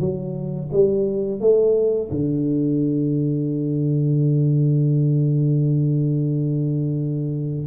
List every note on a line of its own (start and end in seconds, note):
0.00 0.70 F#3
0.72 1.40 G3
1.40 2.10 A3
2.11 7.67 D3